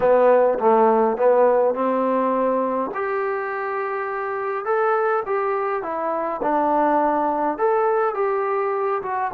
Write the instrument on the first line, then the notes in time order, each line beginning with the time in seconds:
trombone
0.00 B3
0.58 A3
1.17 B3
1.74 C4
2.94 G4
4.65 A4
5.26 G4
5.82 E4
6.42 D4
7.58 A4
8.14 G4
9.02 F#4